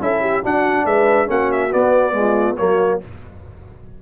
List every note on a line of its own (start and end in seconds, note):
0.00 0.43 C#4
0.00 0.43 E4
0.00 0.20 A4
0.00 0.44 E5
0.20 0.42 G4
0.42 1.26 D4
0.42 0.85 D4
0.42 0.85 F#4
0.42 0.85 F#5
0.85 1.27 G#3
0.85 1.28 B4
0.85 1.28 E5
1.26 1.72 A#3
1.26 1.69 C#4
1.26 2.13 F#4
1.26 1.51 F#5
1.52 1.72 E5
1.69 2.12 B3
1.69 2.59 B3
1.69 2.56 D5
2.12 2.55 G#3
2.19 2.58 F4
2.56 3.02 F#3
2.56 3.01 A#3
2.56 3.01 F#4
2.56 2.99 C#5